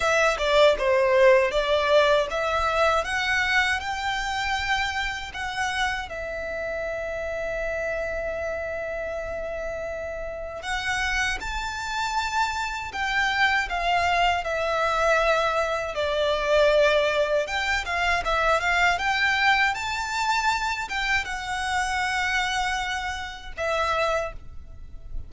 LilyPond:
\new Staff \with { instrumentName = "violin" } { \time 4/4 \tempo 4 = 79 e''8 d''8 c''4 d''4 e''4 | fis''4 g''2 fis''4 | e''1~ | e''2 fis''4 a''4~ |
a''4 g''4 f''4 e''4~ | e''4 d''2 g''8 f''8 | e''8 f''8 g''4 a''4. g''8 | fis''2. e''4 | }